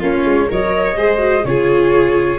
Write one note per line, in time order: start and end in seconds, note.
0.00 0.25 A#3
0.00 0.48 C#4
0.00 0.48 F4
0.00 0.51 C#5
0.25 0.48 G#3
0.48 0.96 F#3
0.48 0.95 A#4
0.48 0.98 C#5
0.48 1.45 D#5
0.96 1.44 G#3
0.96 1.18 G#4
0.96 1.45 C5
1.18 1.42 F#4
1.45 2.39 C#3
1.45 2.39 F4
1.45 2.39 G#4
1.45 2.39 C#5